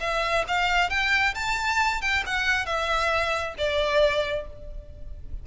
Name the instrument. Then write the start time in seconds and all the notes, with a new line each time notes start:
violin
0.00 E5
0.48 F5
0.90 G5
1.35 A5
2.01 G5
2.26 F#5
2.66 E5
3.58 D5